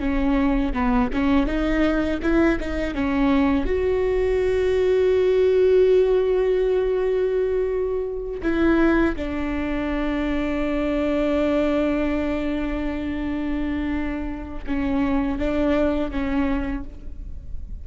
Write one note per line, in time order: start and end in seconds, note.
0.00 0.73 C#4
0.74 1.10 B3
1.14 1.47 C#4
1.47 2.20 D#4
2.23 2.59 E4
2.60 2.95 D#4
2.95 3.66 C#4
3.66 8.42 F#4
8.43 9.16 E4
9.16 14.65 D4
14.67 15.39 C#4
15.39 16.11 D4
16.11 16.84 C#4